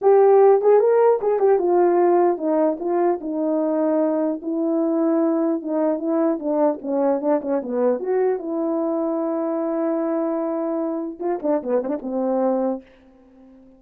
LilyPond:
\new Staff \with { instrumentName = "horn" } { \time 4/4 \tempo 4 = 150 g'4. gis'8 ais'4 gis'8 g'8 | f'2 dis'4 f'4 | dis'2. e'4~ | e'2 dis'4 e'4 |
d'4 cis'4 d'8 cis'8 b4 | fis'4 e'2.~ | e'1 | f'8 d'8 b8 c'16 d'16 c'2 | }